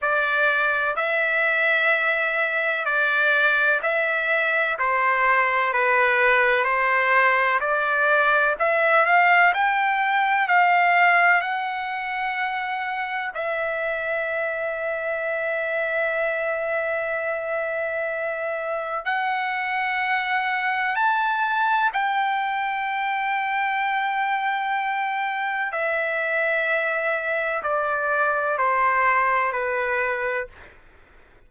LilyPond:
\new Staff \with { instrumentName = "trumpet" } { \time 4/4 \tempo 4 = 63 d''4 e''2 d''4 | e''4 c''4 b'4 c''4 | d''4 e''8 f''8 g''4 f''4 | fis''2 e''2~ |
e''1 | fis''2 a''4 g''4~ | g''2. e''4~ | e''4 d''4 c''4 b'4 | }